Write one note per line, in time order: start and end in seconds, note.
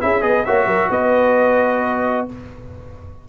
0.00 0.23 C#4
0.00 0.21 E4
0.00 0.25 G#4
0.00 0.22 E5
0.21 0.45 B3
0.21 0.44 G#4
0.21 0.46 B4
0.21 0.45 D#5
0.45 0.66 A#3
0.45 2.28 F#4
0.45 0.66 C#5
0.45 0.90 E5
0.66 0.89 F#3
0.66 0.89 A#4
0.90 2.26 B3
0.90 2.27 B4
0.90 2.28 D#5